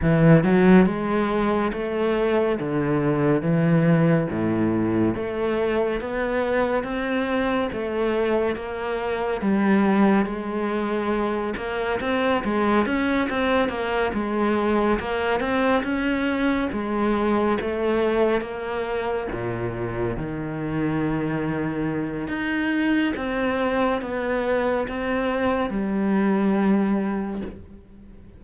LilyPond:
\new Staff \with { instrumentName = "cello" } { \time 4/4 \tempo 4 = 70 e8 fis8 gis4 a4 d4 | e4 a,4 a4 b4 | c'4 a4 ais4 g4 | gis4. ais8 c'8 gis8 cis'8 c'8 |
ais8 gis4 ais8 c'8 cis'4 gis8~ | gis8 a4 ais4 ais,4 dis8~ | dis2 dis'4 c'4 | b4 c'4 g2 | }